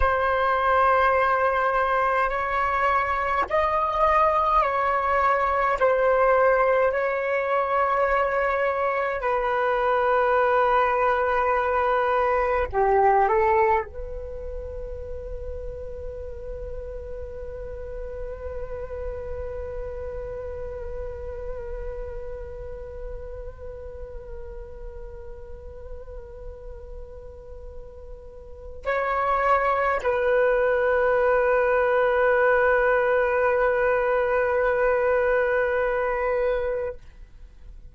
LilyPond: \new Staff \with { instrumentName = "flute" } { \time 4/4 \tempo 4 = 52 c''2 cis''4 dis''4 | cis''4 c''4 cis''2 | b'2. g'8 a'8 | b'1~ |
b'1~ | b'1~ | b'4 cis''4 b'2~ | b'1 | }